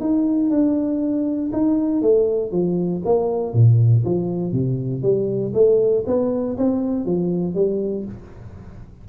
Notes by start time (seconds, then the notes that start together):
0.00 D#4
0.50 D4
1.52 D#4
2.02 A3
2.51 F3
3.05 A#3
3.53 A#2
4.05 F3
4.52 C3
5.02 G3
5.54 A3
6.06 B3
6.57 C4
7.05 F3
7.55 G3